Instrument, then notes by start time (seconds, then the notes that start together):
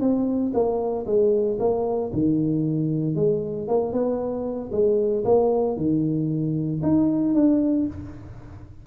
tuba
0.00 C4
0.54 A#3
1.06 G#3
1.59 A#3
2.13 D#3
3.15 G#3
3.68 A#3
3.93 B3
4.72 G#3
5.25 A#3
5.77 D#3
6.83 D#4
7.34 D4